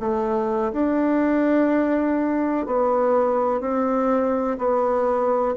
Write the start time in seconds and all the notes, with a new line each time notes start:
0.00 A3
0.73 D4
2.67 B3
3.61 C4
4.58 B3